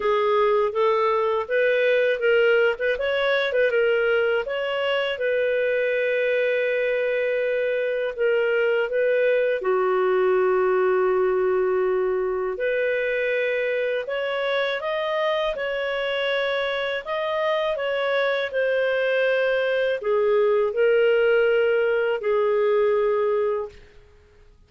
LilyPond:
\new Staff \with { instrumentName = "clarinet" } { \time 4/4 \tempo 4 = 81 gis'4 a'4 b'4 ais'8. b'16 | cis''8. b'16 ais'4 cis''4 b'4~ | b'2. ais'4 | b'4 fis'2.~ |
fis'4 b'2 cis''4 | dis''4 cis''2 dis''4 | cis''4 c''2 gis'4 | ais'2 gis'2 | }